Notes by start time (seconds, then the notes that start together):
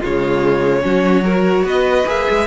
0.00 C#3 G#3 F4 C#5
0.82 F#3 C#4 F#4
1.24 F#4 A#4
1.63 B3 B4 D#5
2.06 A#3 G#4 E5
2.30 G#3